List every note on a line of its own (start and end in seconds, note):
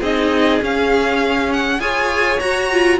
0.00 0.60 C4
0.00 0.62 D#4
0.00 1.78 G#4
0.00 0.61 D#5
0.62 1.80 C#4
0.62 1.79 C#4
0.62 1.53 F5
1.53 1.80 F#5
1.79 2.38 F4
1.79 2.39 G#4
1.79 2.99 C#5
1.79 2.39 G#5
2.39 2.99 F#4
2.39 2.71 F#4
2.39 2.98 A#5
2.71 2.99 F4